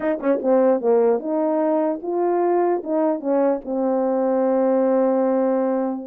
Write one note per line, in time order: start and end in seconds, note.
0.00 0.19 D#4
0.20 0.40 C#4
0.41 0.81 C4
0.81 1.19 A#3
1.19 2.00 D#4
2.02 2.82 F4
2.83 3.20 D#4
3.20 3.60 C#4
3.64 6.06 C4